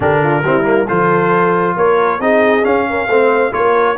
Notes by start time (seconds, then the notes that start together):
0.00 D3 D4 G4 A#4
0.23 F4
0.42 G3 C4 E4
0.63 A#3
0.87 F3 F4 A4 C5
1.75 A#3 A#4 C#5
2.19 C4 D#4 G#4 D#5
2.62 C#4 F5
2.89 A#4
3.07 A3 C4 C5
3.51 A#3 F4 A#4 C#5